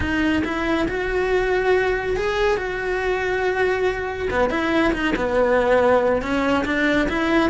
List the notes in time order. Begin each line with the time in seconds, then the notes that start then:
0.00 D#4
0.44 E4
0.87 F#4
2.16 G#4
2.57 F#4
4.30 B3
4.50 E4
4.93 D#4
5.15 B3
6.21 C#4
6.65 D4
7.08 E4